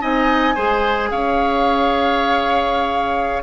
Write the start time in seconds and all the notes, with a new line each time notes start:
0.00 C4 D#4 D#5 G#5
0.55 G#3 G#4 C5
1.11 C#4 C#5 F5